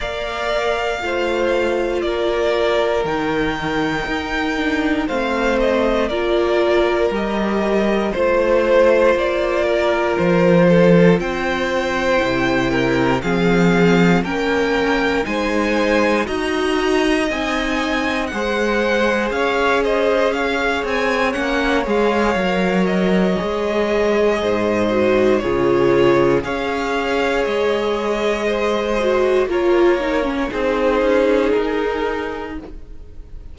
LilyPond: <<
  \new Staff \with { instrumentName = "violin" } { \time 4/4 \tempo 4 = 59 f''2 d''4 g''4~ | g''4 f''8 dis''8 d''4 dis''4 | c''4 d''4 c''4 g''4~ | g''4 f''4 g''4 gis''4 |
ais''4 gis''4 fis''4 f''8 dis''8 | f''8 gis''8 fis''8 f''4 dis''4.~ | dis''4 cis''4 f''4 dis''4~ | dis''4 cis''4 c''4 ais'4 | }
  \new Staff \with { instrumentName = "violin" } { \time 4/4 d''4 c''4 ais'2~ | ais'4 c''4 ais'2 | c''4. ais'4 a'8 c''4~ | c''8 ais'8 gis'4 ais'4 c''4 |
dis''2 c''4 cis''8 c''8 | cis''1 | c''4 gis'4 cis''2 | c''4 ais'4 gis'2 | }
  \new Staff \with { instrumentName = "viola" } { \time 4/4 ais'4 f'2 dis'4~ | dis'8 d'8 c'4 f'4 g'4 | f'1 | e'4 c'4 cis'4 dis'4 |
fis'4 dis'4 gis'2~ | gis'4 cis'8 gis'8 ais'4 gis'4~ | gis'8 fis'8 f'4 gis'2~ | gis'8 fis'8 f'8 dis'16 cis'16 dis'2 | }
  \new Staff \with { instrumentName = "cello" } { \time 4/4 ais4 a4 ais4 dis4 | dis'4 a4 ais4 g4 | a4 ais4 f4 c'4 | c4 f4 ais4 gis4 |
dis'4 c'4 gis4 cis'4~ | cis'8 c'8 ais8 gis8 fis4 gis4 | gis,4 cis4 cis'4 gis4~ | gis4 ais4 c'8 cis'8 dis'4 | }
>>